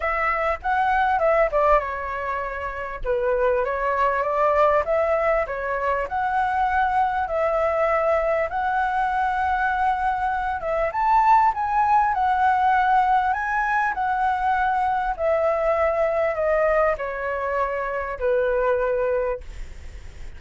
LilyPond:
\new Staff \with { instrumentName = "flute" } { \time 4/4 \tempo 4 = 99 e''4 fis''4 e''8 d''8 cis''4~ | cis''4 b'4 cis''4 d''4 | e''4 cis''4 fis''2 | e''2 fis''2~ |
fis''4. e''8 a''4 gis''4 | fis''2 gis''4 fis''4~ | fis''4 e''2 dis''4 | cis''2 b'2 | }